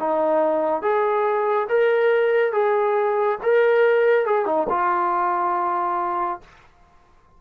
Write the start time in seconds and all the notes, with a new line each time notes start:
0.00 D#4
0.82 G#4
1.69 A#4
2.53 G#4
3.43 A#4
4.26 G#4
4.46 D#4
4.70 F4